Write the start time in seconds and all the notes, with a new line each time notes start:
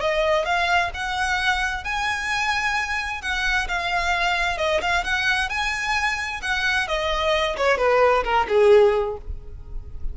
0.00 D#5
0.45 F5
0.94 F#5
1.84 G#5
3.22 F#5
3.68 F5
4.58 D#5
4.81 F5
5.04 F#5
5.49 G#5
6.42 F#5
6.87 D#5
7.57 C#5
7.77 B4
8.24 A#4
8.48 G#4